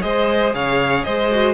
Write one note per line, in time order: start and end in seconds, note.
0.00 0.54 G#3
0.00 1.27 G#4
0.00 0.55 C5
0.00 0.53 D#5
0.54 1.05 C#3
0.54 1.05 C#5
0.54 1.04 F5
1.04 1.54 G#3
1.04 1.54 C5
1.04 1.54 D#5
1.31 1.54 F#4